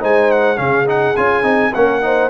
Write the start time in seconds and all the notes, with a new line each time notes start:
0.00 G#3 D#4 C5 G#5
0.31 F#5
0.56 C#3 C#4 G#4 F5
0.86 D#4 F#5
1.16 C#4 F4 G#5
1.42 C4 D#4
1.72 A#3 C#4 A#4 F#5
2.02 D#4 C5